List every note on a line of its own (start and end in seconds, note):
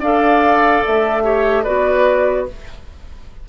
0.00 0.83 D4
0.00 1.23 A4
0.00 1.23 D5
0.00 0.85 F5
0.86 1.67 A3
0.86 1.64 E5
1.23 1.64 G4
1.23 1.64 C#5
1.64 2.49 B3
1.64 2.48 F#4
1.64 2.46 B4
1.64 2.46 D5